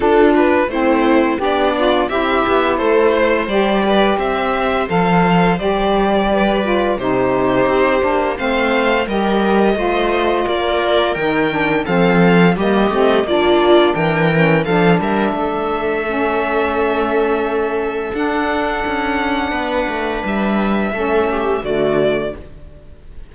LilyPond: <<
  \new Staff \with { instrumentName = "violin" } { \time 4/4 \tempo 4 = 86 a'8 b'8 c''4 d''4 e''4 | c''4 d''4 e''4 f''4 | d''2 c''2 | f''4 dis''2 d''4 |
g''4 f''4 dis''4 d''4 | g''4 f''8 e''2~ e''8~ | e''2 fis''2~ | fis''4 e''2 d''4 | }
  \new Staff \with { instrumentName = "viola" } { \time 4/4 f'4 e'4 d'4 g'4 | a'8 c''4 b'8 c''2~ | c''4 b'4 g'2 | c''4 ais'4 c''4 ais'4~ |
ais'4 a'4 g'4 f'4 | ais'4 a'8 ais'8 a'2~ | a'1 | b'2 a'8 g'8 fis'4 | }
  \new Staff \with { instrumentName = "saxophone" } { \time 4/4 d'4 c'4 g'8 f'8 e'4~ | e'4 g'2 a'4 | g'4. f'8 dis'4. d'8 | c'4 g'4 f'2 |
dis'8 d'8 c'4 ais8 c'8 d'4~ | d'8 cis'8 d'2 cis'4~ | cis'2 d'2~ | d'2 cis'4 a4 | }
  \new Staff \with { instrumentName = "cello" } { \time 4/4 d'4 a4 b4 c'8 b8 | a4 g4 c'4 f4 | g2 c4 c'8 ais8 | a4 g4 a4 ais4 |
dis4 f4 g8 a8 ais4 | e4 f8 g8 a2~ | a2 d'4 cis'4 | b8 a8 g4 a4 d4 | }
>>